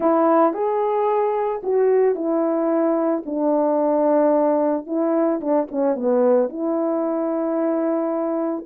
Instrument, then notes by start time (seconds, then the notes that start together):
horn
0.00 E4
0.53 G#4
1.63 F#4
2.15 E4
3.25 D4
4.86 E4
5.40 D4
5.71 C#4
5.95 B3
6.49 E4